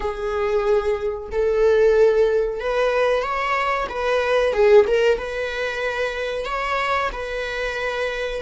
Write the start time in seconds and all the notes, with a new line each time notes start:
0.00 G#4
1.31 A4
2.60 B4
3.22 C#5
3.89 B4
4.53 G#4
4.87 A#4
5.18 B4
6.45 C#5
7.12 B4